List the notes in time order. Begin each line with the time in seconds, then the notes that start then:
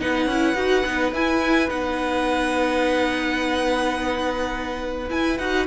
0.00 B3 D#4 B4 F#5
0.26 C#4 E4
0.55 D#4 F#4
0.85 B3 D#4
1.12 E4 G#5
1.69 B3 D#4 F#5
5.09 E4 G#5
5.38 D#4 F#4 F#5